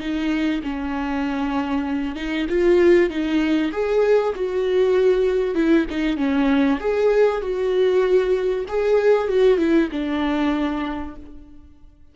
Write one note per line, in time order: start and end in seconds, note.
0.00 0.62 D#4
0.63 2.16 C#4
2.16 2.47 D#4
2.50 3.10 F4
3.10 3.72 D#4
3.72 4.34 G#4
4.35 5.55 F#4
5.55 5.86 E4
5.90 6.17 D#4
6.17 6.79 C#4
6.80 7.42 G#4
7.42 8.65 F#4
8.69 9.28 G#4
9.28 9.58 F#4
9.58 9.89 E4
9.92 11.16 D4